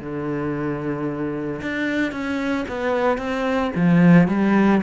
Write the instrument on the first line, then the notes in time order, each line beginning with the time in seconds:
cello
0.00 D3
1.62 D4
2.11 C#4
2.68 B3
3.18 C4
3.75 F3
4.28 G3